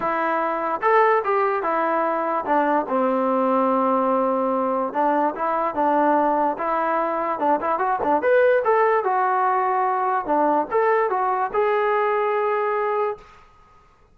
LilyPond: \new Staff \with { instrumentName = "trombone" } { \time 4/4 \tempo 4 = 146 e'2 a'4 g'4 | e'2 d'4 c'4~ | c'1 | d'4 e'4 d'2 |
e'2 d'8 e'8 fis'8 d'8 | b'4 a'4 fis'2~ | fis'4 d'4 a'4 fis'4 | gis'1 | }